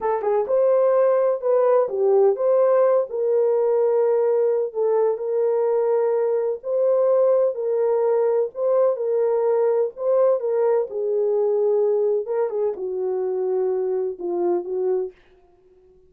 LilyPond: \new Staff \with { instrumentName = "horn" } { \time 4/4 \tempo 4 = 127 a'8 gis'8 c''2 b'4 | g'4 c''4. ais'4.~ | ais'2 a'4 ais'4~ | ais'2 c''2 |
ais'2 c''4 ais'4~ | ais'4 c''4 ais'4 gis'4~ | gis'2 ais'8 gis'8 fis'4~ | fis'2 f'4 fis'4 | }